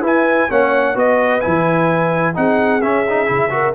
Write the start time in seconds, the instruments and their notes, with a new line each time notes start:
0.00 tuba E4, trombone E4, horn B4, trumpet G#5
0.49 tuba A#3, trombone C#4, horn C#5, trumpet F#5
0.94 tuba B3, trombone F#4, horn B4, trumpet D#5
1.40 tuba E3, trombone E4, trumpet G#5
2.34 tuba C4, trombone D#4, horn G#4, trumpet F#5
2.81 trombone C#4, tuba C#4, trumpet E5
3.09 trombone D#4
3.26 tuba C#3, trombone E4
3.49 trombone F#4, horn A#4